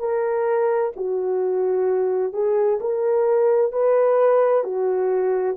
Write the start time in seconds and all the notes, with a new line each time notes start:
0.00 A#4
0.97 F#4
2.33 G#4
2.81 A#4
3.73 B4
4.64 F#4